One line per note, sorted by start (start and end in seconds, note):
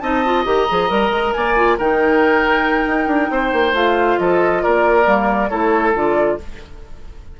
0.00 0.45 C4
0.00 0.24 D#4
0.00 1.34 D#5
0.00 0.44 A5
0.25 0.45 F4
0.45 0.68 D#3
0.45 0.67 G4
0.45 1.33 A#5
0.69 0.90 F3
0.69 0.89 G#4
0.89 1.10 G3
0.89 1.54 A#4
1.10 1.32 G#3
1.33 1.79 A#3
1.33 1.77 D5
1.33 1.77 G#5
1.56 1.78 F4
1.77 2.86 D#3
1.77 3.74 D#4
1.77 3.31 A#4
1.77 3.75 G5
2.86 3.07 D#4
3.07 3.29 D4
3.31 3.52 C4
3.31 4.20 C5
3.52 3.73 A#3
3.73 4.17 A3
3.73 5.04 F4
3.73 4.19 F5
4.19 4.63 F3
4.19 4.63 A4
4.19 4.63 D#5
4.63 5.06 A#3
4.63 5.50 A#4
4.63 5.49 D5
5.04 5.50 G3
5.04 5.48 A#3
5.49 5.95 A3
5.49 5.94 E4
5.49 6.38 A4
5.49 5.93 C#5
5.94 6.38 D3
5.94 6.38 F4
5.94 6.40 D5